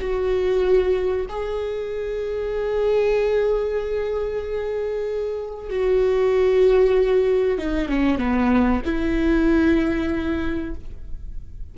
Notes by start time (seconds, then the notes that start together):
0.00 F#4
1.29 G#4
5.70 F#4
7.58 D#4
7.89 C#4
8.18 B3
8.85 E4